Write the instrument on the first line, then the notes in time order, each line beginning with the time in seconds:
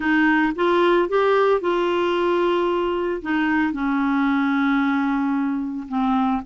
clarinet
0.00 D#4
0.55 F4
1.09 G4
1.60 F4
3.21 D#4
3.73 C#4
5.88 C4